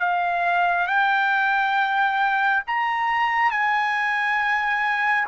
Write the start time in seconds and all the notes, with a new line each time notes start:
0.00 F5
0.87 G5
2.68 A#5
3.51 G#5